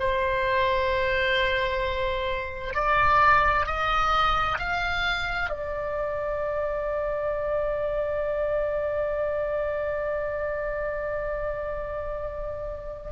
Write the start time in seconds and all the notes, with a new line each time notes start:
0.00 C5
2.75 D5
3.67 D#5
4.59 F5
5.50 D5